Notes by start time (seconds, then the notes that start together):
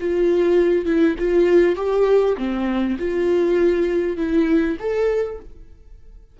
0.00 F4
0.86 E4
1.19 F4
1.76 G4
2.38 C4
2.99 F4
4.17 E4
4.80 A4